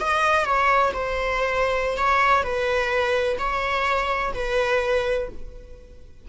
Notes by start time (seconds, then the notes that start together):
0.00 D#5
0.45 C#5
0.94 C5
1.98 C#5
2.43 B4
3.39 C#5
4.34 B4